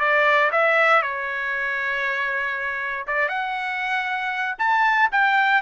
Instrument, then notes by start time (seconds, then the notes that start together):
trumpet
0.00 D5
0.52 E5
1.03 C#5
3.08 D5
3.29 F#5
4.59 A5
5.12 G5